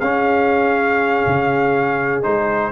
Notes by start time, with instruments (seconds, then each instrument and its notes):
0.00 tuba C#4, trombone C#4, horn G#4, trumpet F5
1.26 tuba C#3
2.22 tuba G#3, trombone D#4, trumpet C5